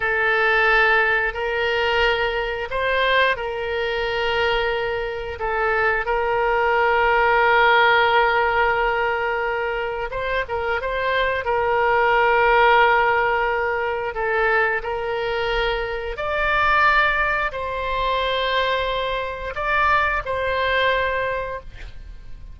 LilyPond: \new Staff \with { instrumentName = "oboe" } { \time 4/4 \tempo 4 = 89 a'2 ais'2 | c''4 ais'2. | a'4 ais'2.~ | ais'2. c''8 ais'8 |
c''4 ais'2.~ | ais'4 a'4 ais'2 | d''2 c''2~ | c''4 d''4 c''2 | }